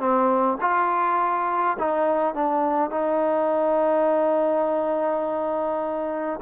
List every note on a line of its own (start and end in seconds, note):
0.00 0.58 C4
0.61 1.77 F4
1.79 2.35 D#4
2.35 2.91 D4
2.91 6.40 D#4